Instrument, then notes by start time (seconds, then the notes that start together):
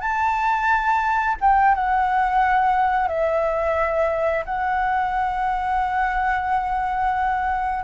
flute
0.00 A5
1.40 G5
1.75 F#5
3.08 E5
4.45 F#5